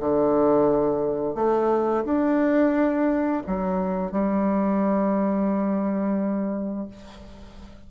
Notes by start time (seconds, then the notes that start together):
0.00 D3
1.35 A3
2.05 D4
3.47 F#3
4.12 G3